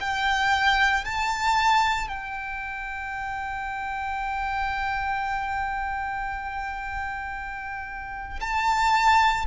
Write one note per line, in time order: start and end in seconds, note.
0.00 1.04 G5
1.04 2.08 A5
2.08 8.39 G5
8.40 9.45 A5